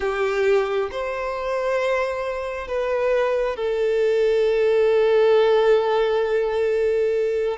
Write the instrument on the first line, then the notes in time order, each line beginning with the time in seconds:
violin
0.00 G4
0.91 C5
2.67 B4
3.56 A4